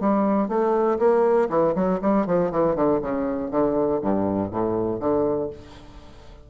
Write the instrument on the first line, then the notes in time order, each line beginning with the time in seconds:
bassoon
0.00 G3
0.48 A3
0.99 A#3
1.50 E3
1.75 F#3
2.02 G3
2.26 F3
2.51 E3
2.75 D3
3.02 C#3
3.51 D3
4.02 G2
4.51 A2
5.00 D3